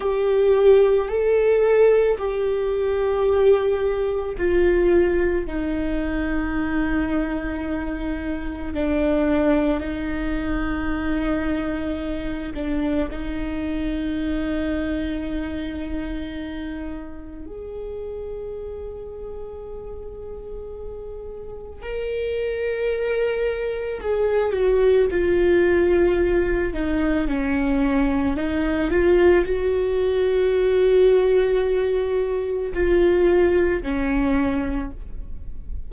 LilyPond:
\new Staff \with { instrumentName = "viola" } { \time 4/4 \tempo 4 = 55 g'4 a'4 g'2 | f'4 dis'2. | d'4 dis'2~ dis'8 d'8 | dis'1 |
gis'1 | ais'2 gis'8 fis'8 f'4~ | f'8 dis'8 cis'4 dis'8 f'8 fis'4~ | fis'2 f'4 cis'4 | }